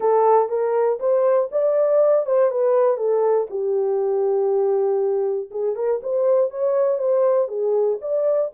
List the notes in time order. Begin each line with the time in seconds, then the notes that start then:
0.00 A4
0.49 A#4
0.99 C5
1.51 D5
2.25 C5
2.50 B4
2.97 A4
3.50 G4
5.50 G#4
5.75 A#4
6.02 C5
6.50 C#5
6.98 C5
7.47 G#4
8.01 D5